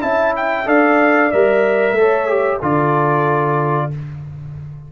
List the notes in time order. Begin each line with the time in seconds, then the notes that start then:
0.00 C#4 E4 E5 A5
0.36 G5
0.65 D4 A4 D5 F5
1.31 G3 A#4 E5
1.91 A3
1.98 A4 C#5
2.27 G4
2.58 D3 F4 A4 D5